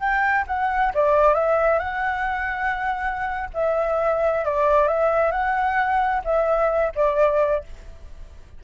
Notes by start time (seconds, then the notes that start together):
0.00 G5
0.47 F#5
0.94 D5
1.35 E5
1.79 F#5
3.54 E5
4.45 D5
4.88 E5
5.32 F#5
6.25 E5
6.96 D5